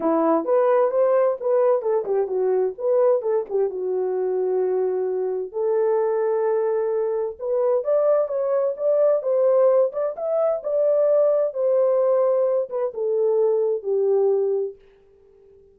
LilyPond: \new Staff \with { instrumentName = "horn" } { \time 4/4 \tempo 4 = 130 e'4 b'4 c''4 b'4 | a'8 g'8 fis'4 b'4 a'8 g'8 | fis'1 | a'1 |
b'4 d''4 cis''4 d''4 | c''4. d''8 e''4 d''4~ | d''4 c''2~ c''8 b'8 | a'2 g'2 | }